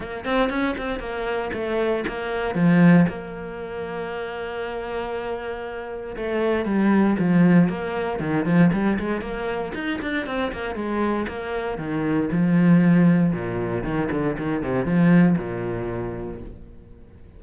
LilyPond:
\new Staff \with { instrumentName = "cello" } { \time 4/4 \tempo 4 = 117 ais8 c'8 cis'8 c'8 ais4 a4 | ais4 f4 ais2~ | ais1 | a4 g4 f4 ais4 |
dis8 f8 g8 gis8 ais4 dis'8 d'8 | c'8 ais8 gis4 ais4 dis4 | f2 ais,4 dis8 d8 | dis8 c8 f4 ais,2 | }